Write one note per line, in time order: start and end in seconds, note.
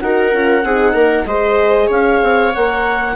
0.00 0.33 D#4
0.00 0.32 F#4
0.00 0.65 A#4
0.00 1.26 F#5
0.32 0.64 C#4
0.32 0.64 F4
0.64 0.94 C4
0.64 1.27 D#4
0.64 0.94 G#4
0.94 1.25 A#3
0.94 1.26 A#4
1.25 1.88 G#3
1.25 2.54 G#4
1.25 1.87 C5
1.25 1.89 D#5
1.87 2.21 C#4
1.87 3.13 C#5
1.87 2.54 F5
2.22 2.54 C4
2.54 3.15 A#3
2.54 3.15 A#4
2.54 3.15 F#5